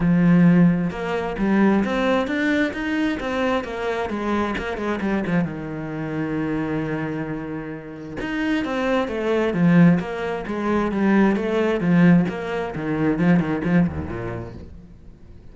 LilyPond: \new Staff \with { instrumentName = "cello" } { \time 4/4 \tempo 4 = 132 f2 ais4 g4 | c'4 d'4 dis'4 c'4 | ais4 gis4 ais8 gis8 g8 f8 | dis1~ |
dis2 dis'4 c'4 | a4 f4 ais4 gis4 | g4 a4 f4 ais4 | dis4 f8 dis8 f8 dis,8 ais,4 | }